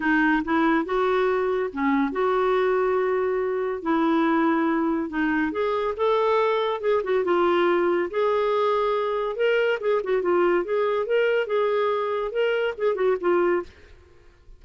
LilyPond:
\new Staff \with { instrumentName = "clarinet" } { \time 4/4 \tempo 4 = 141 dis'4 e'4 fis'2 | cis'4 fis'2.~ | fis'4 e'2. | dis'4 gis'4 a'2 |
gis'8 fis'8 f'2 gis'4~ | gis'2 ais'4 gis'8 fis'8 | f'4 gis'4 ais'4 gis'4~ | gis'4 ais'4 gis'8 fis'8 f'4 | }